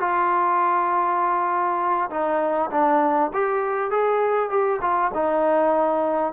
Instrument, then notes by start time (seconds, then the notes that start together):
trombone
0.00 F4
2.10 D#4
2.71 D4
3.34 G4
3.91 G#4
4.50 G4
4.82 F4
5.14 D#4